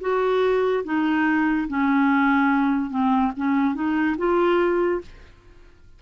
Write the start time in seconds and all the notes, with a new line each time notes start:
0.00 F#4
0.84 D#4
1.68 C#4
2.90 C4
3.36 C#4
3.74 D#4
4.17 F4